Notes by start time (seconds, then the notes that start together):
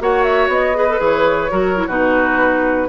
0.00 A#3 F#4 C#5 F#5
0.23 E5
0.48 B3 D#5
0.74 G#4 B4
0.89 A4
0.99 E3 G#4 C#5
1.50 F#3 F#4 A#4
1.76 E4
1.87 B2 D#4 F#4 B4